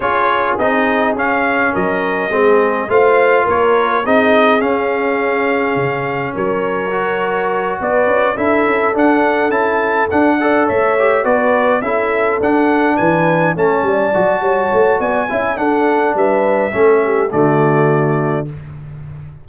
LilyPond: <<
  \new Staff \with { instrumentName = "trumpet" } { \time 4/4 \tempo 4 = 104 cis''4 dis''4 f''4 dis''4~ | dis''4 f''4 cis''4 dis''4 | f''2. cis''4~ | cis''4. d''4 e''4 fis''8~ |
fis''8 a''4 fis''4 e''4 d''8~ | d''8 e''4 fis''4 gis''4 a''8~ | a''2 gis''4 fis''4 | e''2 d''2 | }
  \new Staff \with { instrumentName = "horn" } { \time 4/4 gis'2. ais'4 | gis'4 c''4 ais'4 gis'4~ | gis'2. ais'4~ | ais'4. b'4 a'4.~ |
a'2 d''8 cis''4 b'8~ | b'8 a'2 b'4 cis''8 | d''4 cis''4 d''8 e''8 a'4 | b'4 a'8 g'8 fis'2 | }
  \new Staff \with { instrumentName = "trombone" } { \time 4/4 f'4 dis'4 cis'2 | c'4 f'2 dis'4 | cis'1 | fis'2~ fis'8 e'4 d'8~ |
d'8 e'4 d'8 a'4 g'8 fis'8~ | fis'8 e'4 d'2 cis'8~ | cis'8 fis'2 e'8 d'4~ | d'4 cis'4 a2 | }
  \new Staff \with { instrumentName = "tuba" } { \time 4/4 cis'4 c'4 cis'4 fis4 | gis4 a4 ais4 c'4 | cis'2 cis4 fis4~ | fis4. b8 cis'8 d'8 cis'8 d'8~ |
d'8 cis'4 d'4 a4 b8~ | b8 cis'4 d'4 e4 a8 | g8 fis8 g8 a8 b8 cis'8 d'4 | g4 a4 d2 | }
>>